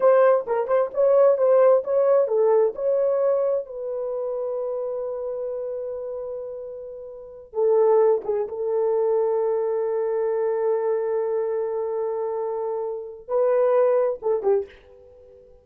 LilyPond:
\new Staff \with { instrumentName = "horn" } { \time 4/4 \tempo 4 = 131 c''4 ais'8 c''8 cis''4 c''4 | cis''4 a'4 cis''2 | b'1~ | b'1~ |
b'8 a'4. gis'8 a'4.~ | a'1~ | a'1~ | a'4 b'2 a'8 g'8 | }